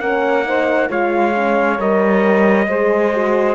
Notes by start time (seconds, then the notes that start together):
0.00 A#3 C#4 A#4 F#5
0.44 D#4 C5
0.88 G#3 F4 C#5 F5
1.35 C#4
1.78 G3 A#4 D#5
2.67 G#3 G#4 C5
3.13 F#4